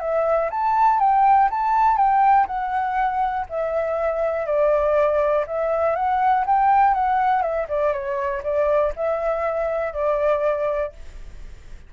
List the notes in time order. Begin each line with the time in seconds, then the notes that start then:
0.00 E5
0.50 A5
0.99 G5
1.50 A5
1.97 G5
2.47 F#5
3.49 E5
4.46 D5
5.47 E5
5.95 F#5
6.46 G5
6.94 F#5
7.42 E5
7.68 D5
7.92 C#5
8.43 D5
8.96 E5
9.93 D5